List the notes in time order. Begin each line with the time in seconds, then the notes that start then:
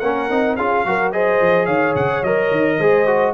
0.00 A#3 C#4 A#4 F#5
0.30 C4 D#4
0.56 C#4 F4 G#4 F5
0.85 F#3 F#4 A#4
1.12 G#4 C5 D#5
1.41 F3
1.66 D#3 C#5 F5
1.95 C#3 F#5
2.23 F#3 A#4 D#5
2.51 D#3
2.78 G#3 G#4 C5
3.07 F#4